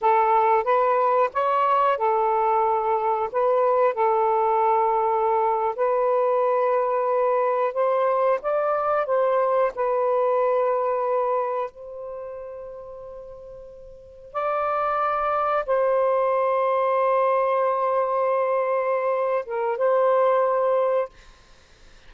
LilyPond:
\new Staff \with { instrumentName = "saxophone" } { \time 4/4 \tempo 4 = 91 a'4 b'4 cis''4 a'4~ | a'4 b'4 a'2~ | a'8. b'2. c''16~ | c''8. d''4 c''4 b'4~ b'16~ |
b'4.~ b'16 c''2~ c''16~ | c''4.~ c''16 d''2 c''16~ | c''1~ | c''4. ais'8 c''2 | }